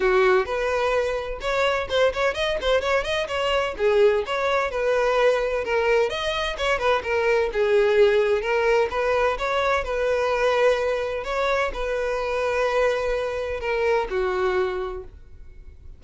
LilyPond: \new Staff \with { instrumentName = "violin" } { \time 4/4 \tempo 4 = 128 fis'4 b'2 cis''4 | c''8 cis''8 dis''8 c''8 cis''8 dis''8 cis''4 | gis'4 cis''4 b'2 | ais'4 dis''4 cis''8 b'8 ais'4 |
gis'2 ais'4 b'4 | cis''4 b'2. | cis''4 b'2.~ | b'4 ais'4 fis'2 | }